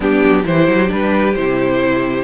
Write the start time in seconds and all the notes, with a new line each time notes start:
0.00 G3 B3 D4 G4
0.24 F#3
0.43 E3 E4 G4 C5
0.68 F#3
0.87 G3 D4 B4
1.34 C3 E4 C5